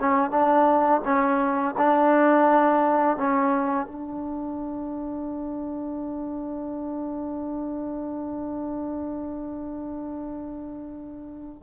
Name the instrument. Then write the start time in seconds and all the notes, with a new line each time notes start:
trombone
0.00 C#4
0.30 D4
1.04 C#4
1.77 D4
3.17 C#4
3.86 D4